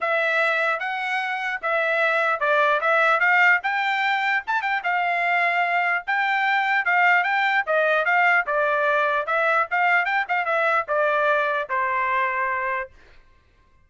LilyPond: \new Staff \with { instrumentName = "trumpet" } { \time 4/4 \tempo 4 = 149 e''2 fis''2 | e''2 d''4 e''4 | f''4 g''2 a''8 g''8 | f''2. g''4~ |
g''4 f''4 g''4 dis''4 | f''4 d''2 e''4 | f''4 g''8 f''8 e''4 d''4~ | d''4 c''2. | }